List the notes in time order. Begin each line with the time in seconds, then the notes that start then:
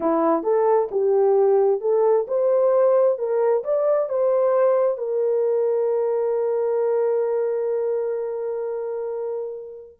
0.00 E4
0.43 A4
0.91 G4
1.81 A4
2.27 C5
3.18 A#4
3.63 D5
4.09 C5
4.97 A#4